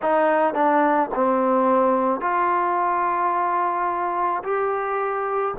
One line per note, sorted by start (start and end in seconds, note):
0.02 0.54 D#4
0.54 1.09 D4
1.14 2.20 C4
2.20 4.42 F4
4.43 5.54 G4